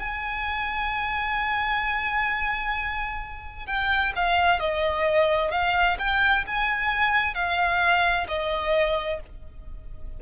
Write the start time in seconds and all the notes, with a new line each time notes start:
0.00 G#5
3.67 G5
4.16 F5
4.60 D#5
5.52 F5
5.99 G5
6.47 G#5
7.35 F5
8.28 D#5